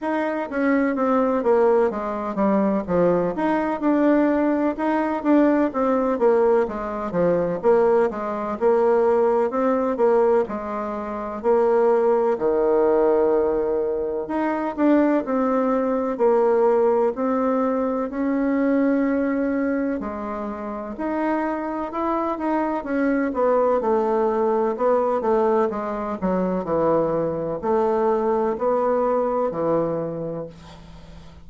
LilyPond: \new Staff \with { instrumentName = "bassoon" } { \time 4/4 \tempo 4 = 63 dis'8 cis'8 c'8 ais8 gis8 g8 f8 dis'8 | d'4 dis'8 d'8 c'8 ais8 gis8 f8 | ais8 gis8 ais4 c'8 ais8 gis4 | ais4 dis2 dis'8 d'8 |
c'4 ais4 c'4 cis'4~ | cis'4 gis4 dis'4 e'8 dis'8 | cis'8 b8 a4 b8 a8 gis8 fis8 | e4 a4 b4 e4 | }